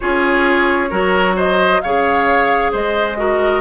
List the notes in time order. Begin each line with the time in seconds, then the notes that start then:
0.00 C#4 F4 G#4 C#5
0.90 F#3 F#4 A#4
1.36 C5 D#5
1.81 C#3 G#4 C#5 F5
2.71 G#3 C5 D#5
3.16 F#4 A#4